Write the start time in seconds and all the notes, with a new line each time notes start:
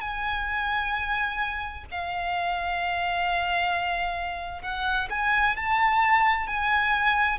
0.00 G#5
1.91 F5
4.62 F#5
5.10 G#5
5.56 A5
6.47 G#5